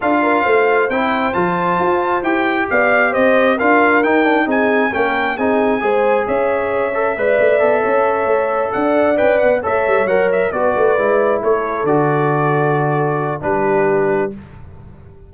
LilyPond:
<<
  \new Staff \with { instrumentName = "trumpet" } { \time 4/4 \tempo 4 = 134 f''2 g''4 a''4~ | a''4 g''4 f''4 dis''4 | f''4 g''4 gis''4 g''4 | gis''2 e''2~ |
e''2.~ e''8 fis''8~ | fis''8 g''8 fis''8 e''4 fis''8 e''8 d''8~ | d''4. cis''4 d''4.~ | d''2 b'2 | }
  \new Staff \with { instrumentName = "horn" } { \time 4/4 a'8 ais'8 c''2.~ | c''2 d''4 c''4 | ais'2 gis'4 ais'4 | gis'4 c''4 cis''2 |
d''4. cis''2 d''8~ | d''4. cis''2 b'8~ | b'4. a'2~ a'8~ | a'2 g'2 | }
  \new Staff \with { instrumentName = "trombone" } { \time 4/4 f'2 e'4 f'4~ | f'4 g'2. | f'4 dis'8 d'8 dis'4 cis'4 | dis'4 gis'2~ gis'8 a'8 |
b'4 a'2.~ | a'8 b'4 a'4 ais'4 fis'8~ | fis'8 e'2 fis'4.~ | fis'2 d'2 | }
  \new Staff \with { instrumentName = "tuba" } { \time 4/4 d'4 a4 c'4 f4 | f'4 e'4 b4 c'4 | d'4 dis'4 c'4 ais4 | c'4 gis4 cis'2 |
gis8 a8 b8 cis'4 a4 d'8~ | d'8 cis'8 b8 a8 g8 fis4 b8 | a8 gis4 a4 d4.~ | d2 g2 | }
>>